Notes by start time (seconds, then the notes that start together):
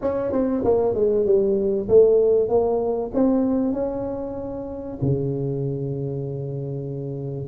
0.01 C#4
0.32 C4
0.64 A#3
0.94 G#3
1.25 G3
1.88 A3
2.48 A#3
3.14 C4
3.73 C#4
5.01 C#3